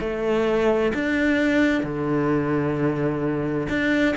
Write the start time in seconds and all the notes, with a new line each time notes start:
0.00 A3
0.94 D4
1.83 D3
3.69 D4